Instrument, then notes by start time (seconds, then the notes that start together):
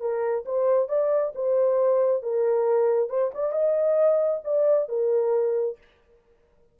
horn
0.00 A#4
0.45 C5
0.89 D5
1.35 C5
2.23 A#4
3.09 C5
3.34 D5
3.52 D#5
4.44 D5
4.89 A#4